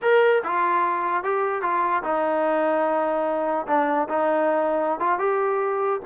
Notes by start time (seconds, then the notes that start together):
0.02 A#4
0.43 F4
1.23 G4
1.62 F4
2.03 D#4
3.67 D4
4.08 D#4
4.99 F4
5.19 G4